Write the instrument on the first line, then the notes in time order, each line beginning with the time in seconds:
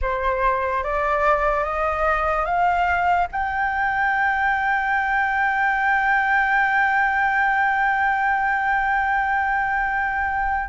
flute
0.01 C5
0.83 D5
1.64 D#5
2.45 F5
3.31 G5